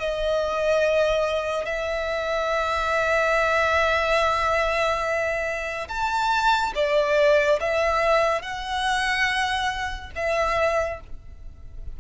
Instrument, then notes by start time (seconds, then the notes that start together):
violin
0.00 D#5
1.66 E5
5.89 A5
6.75 D5
7.61 E5
8.42 F#5
10.16 E5